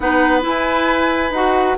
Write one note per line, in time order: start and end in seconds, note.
0.00 0.45 B3
0.00 0.40 D#4
0.00 1.78 B4
0.00 0.41 F#5
0.40 1.29 E4
0.40 1.31 E4
0.40 1.32 G#5
1.31 1.75 D#4
1.31 1.78 F#4
1.31 1.77 F#5